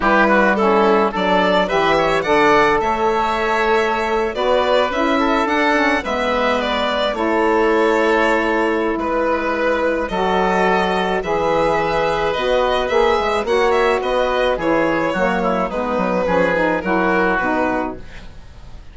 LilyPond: <<
  \new Staff \with { instrumentName = "violin" } { \time 4/4 \tempo 4 = 107 b'4 a'4 d''4 e''4 | fis''4 e''2~ e''8. d''16~ | d''8. e''4 fis''4 e''4 d''16~ | d''8. cis''2.~ cis''16 |
b'2 dis''2 | e''2 dis''4 e''4 | fis''8 e''8 dis''4 cis''2 | b'2 ais'4 b'4 | }
  \new Staff \with { instrumentName = "oboe" } { \time 4/4 g'8 fis'8 e'4 a'4 b'8 cis''8 | d''4 cis''2~ cis''8. b'16~ | b'4~ b'16 a'4. b'4~ b'16~ | b'8. a'2.~ a'16 |
b'2 a'2 | b'1 | cis''4 b'4 gis'4 fis'8 e'8 | dis'4 gis'4 fis'2 | }
  \new Staff \with { instrumentName = "saxophone" } { \time 4/4 e'4 cis'4 d'4 g'4 | a'2.~ a'8. fis'16~ | fis'8. e'4 d'8 cis'8 b4~ b16~ | b8. e'2.~ e'16~ |
e'2 fis'2 | gis'2 fis'4 gis'4 | fis'2 e'4 ais4 | b4 cis'8 dis'8 e'4 dis'4 | }
  \new Staff \with { instrumentName = "bassoon" } { \time 4/4 g2 fis4 e4 | d4 a2~ a8. b16~ | b8. cis'4 d'4 gis4~ gis16~ | gis8. a2.~ a16 |
gis2 fis2 | e2 b4 ais8 gis8 | ais4 b4 e4 fis4 | gis8 fis8 f4 fis4 b,4 | }
>>